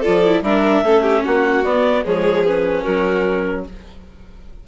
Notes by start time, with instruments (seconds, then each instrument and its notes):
0.00 viola F4, violin A4, clarinet D5
0.07 bassoon F3
0.25 viola E4
0.41 bassoon G3, viola D4, violin A#4, clarinet E5
0.82 bassoon A3, viola C#4, violin A4
1.02 violin G4
1.24 bassoon A#3, violin F#4, clarinet F#5
1.64 bassoon B3, viola B3, clarinet D5
2.04 bassoon F3, viola G#3, violin G#4, clarinet C#5
2.45 viola C#4, clarinet B4
2.82 bassoon F#3, violin F#4, clarinet A#4